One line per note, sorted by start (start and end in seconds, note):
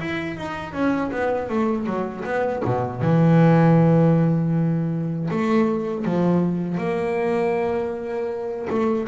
0.00 0.37 E4
0.37 0.74 D#4
0.74 1.12 C#4
1.12 1.50 B3
1.50 1.87 A3
1.87 2.25 F#3
2.25 2.63 B3
2.65 3.02 B2
3.02 5.30 E3
5.31 6.06 A3
6.06 6.78 F3
6.78 8.68 A#3
8.70 9.08 A3